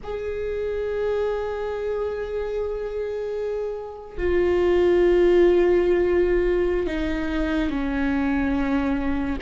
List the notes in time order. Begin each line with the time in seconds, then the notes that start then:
0.03 G#4
4.17 F4
6.86 D#4
7.70 C#4